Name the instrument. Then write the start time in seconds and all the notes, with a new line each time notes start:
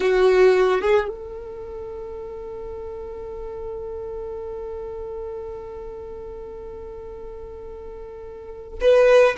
violin
0.00 F#4
0.81 G#4
1.08 A4
8.80 B4